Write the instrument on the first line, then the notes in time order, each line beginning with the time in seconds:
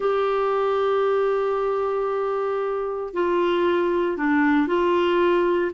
clarinet
0.00 G4
3.13 F4
4.17 D4
4.67 F4